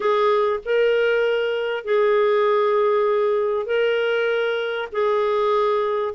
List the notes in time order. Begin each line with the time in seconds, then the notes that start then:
0.00 G#4
0.65 A#4
1.84 G#4
3.66 A#4
4.91 G#4